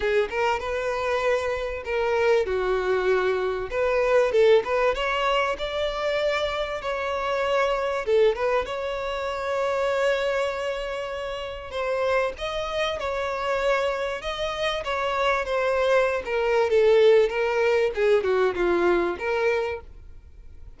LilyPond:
\new Staff \with { instrumentName = "violin" } { \time 4/4 \tempo 4 = 97 gis'8 ais'8 b'2 ais'4 | fis'2 b'4 a'8 b'8 | cis''4 d''2 cis''4~ | cis''4 a'8 b'8 cis''2~ |
cis''2. c''4 | dis''4 cis''2 dis''4 | cis''4 c''4~ c''16 ais'8. a'4 | ais'4 gis'8 fis'8 f'4 ais'4 | }